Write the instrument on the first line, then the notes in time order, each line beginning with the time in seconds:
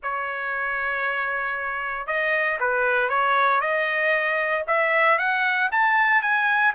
trumpet
0.03 C#5
2.06 D#5
2.60 B4
3.09 C#5
3.60 D#5
4.67 E5
5.18 F#5
5.71 A5
6.22 G#5